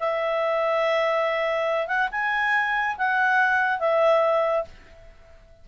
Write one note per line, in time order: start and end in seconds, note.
0.00 1.87 E5
1.87 2.09 F#5
2.11 2.97 G#5
2.98 3.79 F#5
3.79 4.65 E5